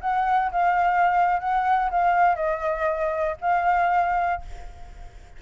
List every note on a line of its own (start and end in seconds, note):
0.00 0.50 F#5
0.51 1.39 F5
1.40 1.90 F#5
1.90 2.35 F5
2.35 3.36 D#5
3.41 4.41 F5